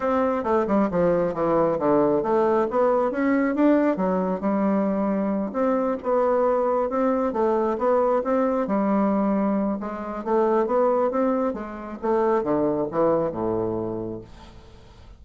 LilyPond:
\new Staff \with { instrumentName = "bassoon" } { \time 4/4 \tempo 4 = 135 c'4 a8 g8 f4 e4 | d4 a4 b4 cis'4 | d'4 fis4 g2~ | g8 c'4 b2 c'8~ |
c'8 a4 b4 c'4 g8~ | g2 gis4 a4 | b4 c'4 gis4 a4 | d4 e4 a,2 | }